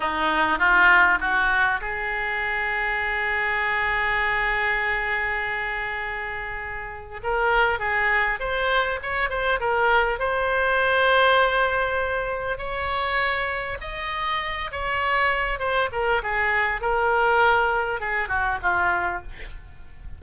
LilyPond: \new Staff \with { instrumentName = "oboe" } { \time 4/4 \tempo 4 = 100 dis'4 f'4 fis'4 gis'4~ | gis'1~ | gis'1 | ais'4 gis'4 c''4 cis''8 c''8 |
ais'4 c''2.~ | c''4 cis''2 dis''4~ | dis''8 cis''4. c''8 ais'8 gis'4 | ais'2 gis'8 fis'8 f'4 | }